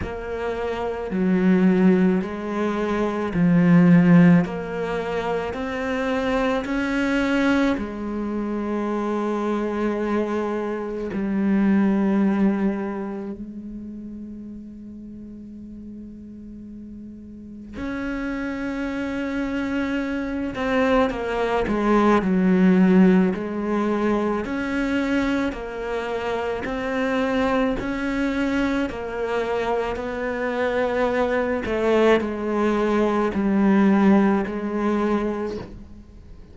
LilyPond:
\new Staff \with { instrumentName = "cello" } { \time 4/4 \tempo 4 = 54 ais4 fis4 gis4 f4 | ais4 c'4 cis'4 gis4~ | gis2 g2 | gis1 |
cis'2~ cis'8 c'8 ais8 gis8 | fis4 gis4 cis'4 ais4 | c'4 cis'4 ais4 b4~ | b8 a8 gis4 g4 gis4 | }